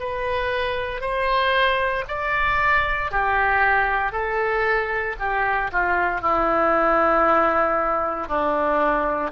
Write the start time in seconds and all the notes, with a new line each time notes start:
0.00 B4
1.01 C5
2.08 D5
3.12 G4
4.12 A4
5.20 G4
5.73 F4
6.22 E4
8.29 D4